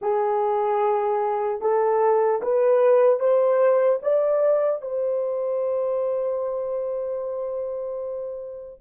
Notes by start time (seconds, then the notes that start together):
0.01 G#4
1.61 A4
2.41 B4
3.19 C5
4.02 D5
4.81 C5